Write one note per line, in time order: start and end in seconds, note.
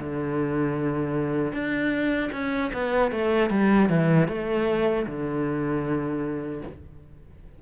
0.00 1.53 D3
1.53 2.31 D4
2.33 2.72 C#4
2.74 3.12 B3
3.12 3.51 A3
3.51 3.90 G3
3.90 4.29 E3
4.29 5.06 A3
5.06 6.62 D3